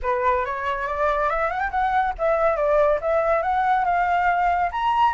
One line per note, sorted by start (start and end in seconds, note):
0.02 0.45 B4
0.45 0.87 C#5
0.87 1.29 D5
1.29 1.50 E5
1.50 1.60 F#5
1.60 1.70 G5
1.70 2.13 F#5
2.18 2.56 E5
2.56 2.99 D5
3.01 3.42 E5
3.42 3.84 F#5
3.84 4.70 F5
4.71 5.14 A#5